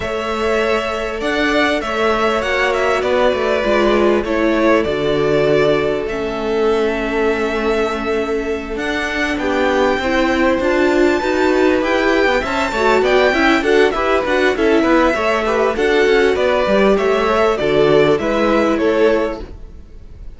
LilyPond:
<<
  \new Staff \with { instrumentName = "violin" } { \time 4/4 \tempo 4 = 99 e''2 fis''4 e''4 | fis''8 e''8 d''2 cis''4 | d''2 e''2~ | e''2~ e''8 fis''4 g''8~ |
g''4. a''2 g''8~ | g''8 a''4 g''4 fis''8 e''8 fis''8 | e''2 fis''4 d''4 | e''4 d''4 e''4 cis''4 | }
  \new Staff \with { instrumentName = "violin" } { \time 4/4 cis''2 d''4 cis''4~ | cis''4 b'2 a'4~ | a'1~ | a'2.~ a'8 g'8~ |
g'8 c''2 b'4.~ | b'8 e''8 cis''8 d''8 e''8 a'8 b'4 | a'8 b'8 cis''8 b'8 a'4 b'4 | cis''4 a'4 b'4 a'4 | }
  \new Staff \with { instrumentName = "viola" } { \time 4/4 a'1 | fis'2 f'4 e'4 | fis'2 cis'2~ | cis'2~ cis'8 d'4.~ |
d'8 e'4 f'4 fis'4 g'8~ | g'8 c''8 fis'4 e'8 fis'8 g'8 fis'8 | e'4 a'8 g'8 fis'4. g'8~ | g'8 a'8 fis'4 e'2 | }
  \new Staff \with { instrumentName = "cello" } { \time 4/4 a2 d'4 a4 | ais4 b8 a8 gis4 a4 | d2 a2~ | a2~ a8 d'4 b8~ |
b8 c'4 d'4 dis'4 e'8~ | e'16 b16 cis'8 a8 b8 cis'8 d'8 e'8 d'8 | cis'8 b8 a4 d'8 cis'8 b8 g8 | a4 d4 gis4 a4 | }
>>